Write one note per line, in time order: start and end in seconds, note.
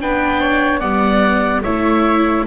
0.00 0.81 B3
0.00 0.80 D4
0.00 0.40 B4
0.00 0.80 G5
0.40 0.80 C#5
0.80 1.63 G3
0.80 1.62 B3
0.80 1.62 D5
0.80 1.62 F#5
1.62 2.46 A3
1.62 2.46 E4
1.62 2.45 C#5
1.62 2.45 E5